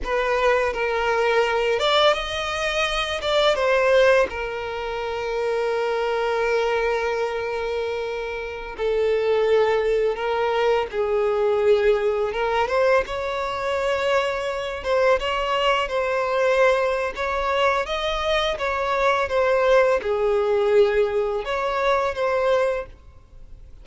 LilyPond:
\new Staff \with { instrumentName = "violin" } { \time 4/4 \tempo 4 = 84 b'4 ais'4. d''8 dis''4~ | dis''8 d''8 c''4 ais'2~ | ais'1~ | ais'16 a'2 ais'4 gis'8.~ |
gis'4~ gis'16 ais'8 c''8 cis''4.~ cis''16~ | cis''8. c''8 cis''4 c''4.~ c''16 | cis''4 dis''4 cis''4 c''4 | gis'2 cis''4 c''4 | }